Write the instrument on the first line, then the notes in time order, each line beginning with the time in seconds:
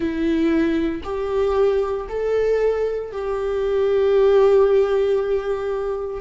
viola
0.00 E4
1.03 G4
2.08 A4
3.11 G4